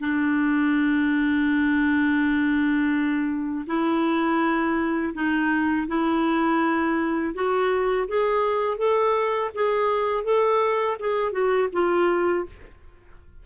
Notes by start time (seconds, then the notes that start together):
0.00 D4
3.67 E4
5.14 D#4
5.88 E4
7.34 F#4
8.08 G#4
8.78 A4
9.55 G#4
10.24 A4
11.00 G#4
11.32 F#4
11.72 F4